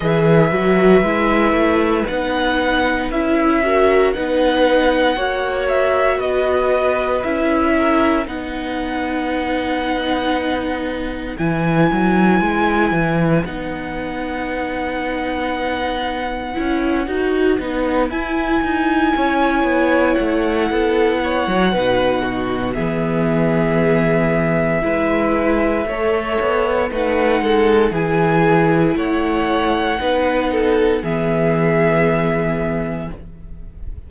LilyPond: <<
  \new Staff \with { instrumentName = "violin" } { \time 4/4 \tempo 4 = 58 e''2 fis''4 e''4 | fis''4. e''8 dis''4 e''4 | fis''2. gis''4~ | gis''4 fis''2.~ |
fis''4. gis''2 fis''8~ | fis''2 e''2~ | e''2 fis''4 gis''4 | fis''2 e''2 | }
  \new Staff \with { instrumentName = "violin" } { \time 4/4 b'2.~ b'8 ais'8 | b'4 cis''4 b'4. ais'8 | b'1~ | b'1~ |
b'2~ b'8 cis''4. | a'8 cis''8 b'8 fis'8 gis'2 | b'4 cis''4 b'8 a'8 gis'4 | cis''4 b'8 a'8 gis'2 | }
  \new Staff \with { instrumentName = "viola" } { \time 4/4 gis'8 fis'8 e'4 dis'4 e'8 fis'8 | dis'4 fis'2 e'4 | dis'2. e'4~ | e'4 dis'2. |
e'8 fis'8 dis'8 e'2~ e'8~ | e'4 dis'4 b2 | e'4 a'4 dis'4 e'4~ | e'4 dis'4 b2 | }
  \new Staff \with { instrumentName = "cello" } { \time 4/4 e8 fis8 gis8 a8 b4 cis'4 | b4 ais4 b4 cis'4 | b2. e8 fis8 | gis8 e8 b2. |
cis'8 dis'8 b8 e'8 dis'8 cis'8 b8 a8 | b8. fis16 b,4 e2 | gis4 a8 b8 a8 gis8 e4 | a4 b4 e2 | }
>>